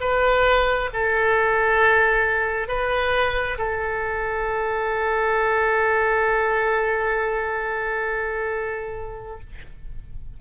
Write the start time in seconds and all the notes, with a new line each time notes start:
0.00 B4
0.93 A4
2.68 B4
3.58 A4